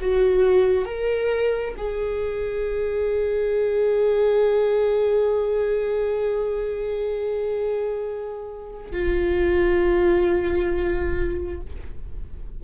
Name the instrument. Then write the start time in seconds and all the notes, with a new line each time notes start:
viola
0.00 F#4
0.85 A#4
1.77 G#4
8.92 F4